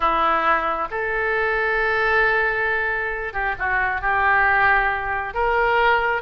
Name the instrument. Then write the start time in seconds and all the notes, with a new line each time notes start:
oboe
0.00 E4
0.90 A4
3.33 G4
3.58 F#4
4.01 G4
5.34 A#4